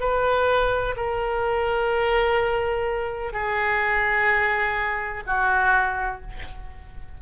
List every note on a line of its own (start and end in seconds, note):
0.00 0.95 B4
0.96 3.33 A#4
3.33 5.23 G#4
5.26 6.22 F#4